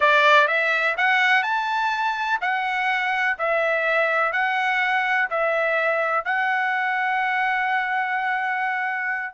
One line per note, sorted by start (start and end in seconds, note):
0.00 0.47 D5
0.47 0.95 E5
0.97 1.42 F#5
1.42 2.38 A5
2.41 3.37 F#5
3.38 4.32 E5
4.32 5.28 F#5
5.30 6.24 E5
6.24 9.34 F#5